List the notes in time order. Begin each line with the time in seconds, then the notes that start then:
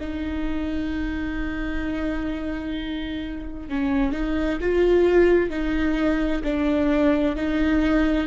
0.00 D#4
3.69 C#4
4.12 D#4
4.61 F4
5.50 D#4
6.44 D4
7.36 D#4